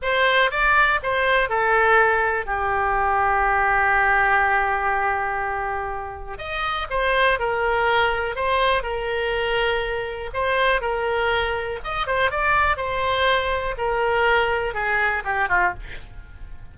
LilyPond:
\new Staff \with { instrumentName = "oboe" } { \time 4/4 \tempo 4 = 122 c''4 d''4 c''4 a'4~ | a'4 g'2.~ | g'1~ | g'4 dis''4 c''4 ais'4~ |
ais'4 c''4 ais'2~ | ais'4 c''4 ais'2 | dis''8 c''8 d''4 c''2 | ais'2 gis'4 g'8 f'8 | }